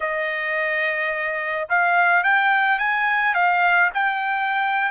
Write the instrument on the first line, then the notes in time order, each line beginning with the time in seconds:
trumpet
0.00 D#5
1.69 F5
2.23 G5
2.79 G#5
3.34 F5
3.94 G5